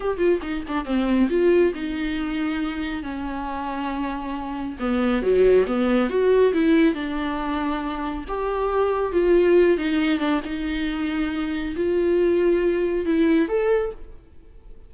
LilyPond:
\new Staff \with { instrumentName = "viola" } { \time 4/4 \tempo 4 = 138 g'8 f'8 dis'8 d'8 c'4 f'4 | dis'2. cis'4~ | cis'2. b4 | fis4 b4 fis'4 e'4 |
d'2. g'4~ | g'4 f'4. dis'4 d'8 | dis'2. f'4~ | f'2 e'4 a'4 | }